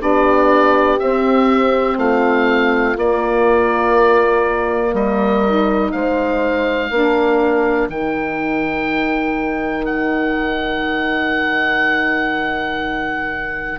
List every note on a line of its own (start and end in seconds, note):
0.00 1.00 B3
0.00 0.98 D4
0.00 1.99 G4
0.00 1.00 D5
1.00 2.97 C4
1.00 1.98 C4
1.00 1.98 E5
1.98 2.96 A3
1.98 4.92 F4
1.98 2.97 F5
2.97 4.93 A#3
2.97 5.46 A#3
2.97 4.95 D5
4.92 5.92 G3
4.92 5.90 A#4
4.92 5.92 D#5
5.46 6.92 D#4
5.92 6.91 G#3
5.92 6.91 C5
5.92 7.89 F5
6.91 7.89 A#3
6.91 7.90 D4
6.91 13.80 A#4
7.89 13.79 D#3
7.89 13.80 D#4
7.89 9.86 G5
9.86 13.80 F#5